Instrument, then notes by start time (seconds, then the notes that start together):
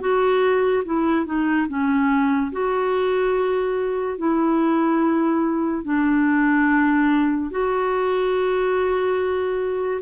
clarinet
0.00 F#4
0.84 E4
1.25 D#4
1.68 C#4
2.52 F#4
4.17 E4
5.84 D4
7.50 F#4